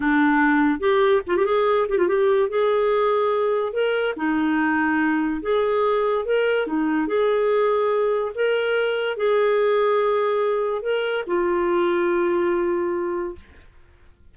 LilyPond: \new Staff \with { instrumentName = "clarinet" } { \time 4/4 \tempo 4 = 144 d'2 g'4 f'16 g'16 gis'8~ | gis'8 g'16 f'16 g'4 gis'2~ | gis'4 ais'4 dis'2~ | dis'4 gis'2 ais'4 |
dis'4 gis'2. | ais'2 gis'2~ | gis'2 ais'4 f'4~ | f'1 | }